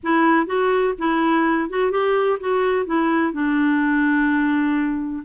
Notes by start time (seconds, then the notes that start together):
0.03 E4
0.46 F#4
0.98 E4
1.69 F#4
1.91 G4
2.40 F#4
2.86 E4
3.32 D4